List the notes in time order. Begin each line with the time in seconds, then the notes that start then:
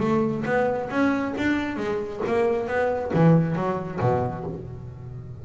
0.00 A3
0.46 B3
0.90 C#4
1.38 D4
1.77 G#3
2.27 A#3
2.68 B3
3.14 E3
3.56 F#3
4.00 B2